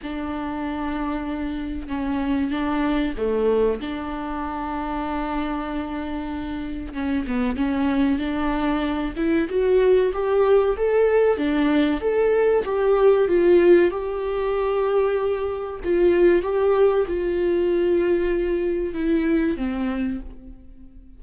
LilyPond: \new Staff \with { instrumentName = "viola" } { \time 4/4 \tempo 4 = 95 d'2. cis'4 | d'4 a4 d'2~ | d'2. cis'8 b8 | cis'4 d'4. e'8 fis'4 |
g'4 a'4 d'4 a'4 | g'4 f'4 g'2~ | g'4 f'4 g'4 f'4~ | f'2 e'4 c'4 | }